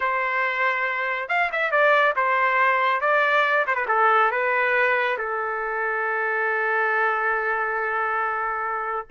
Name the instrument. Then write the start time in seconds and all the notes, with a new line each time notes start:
trumpet
0.00 C5
1.28 F5
1.52 E5
1.71 D5
2.15 C5
3.00 D5
3.67 C5
3.75 B4
3.88 A4
4.31 B4
5.18 A4